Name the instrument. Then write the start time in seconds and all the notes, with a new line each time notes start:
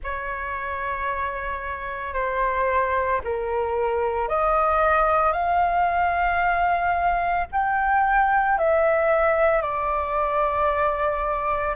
flute
0.03 C#5
2.13 C5
3.24 A#4
4.28 D#5
5.32 F5
7.52 G5
8.58 E5
9.61 D5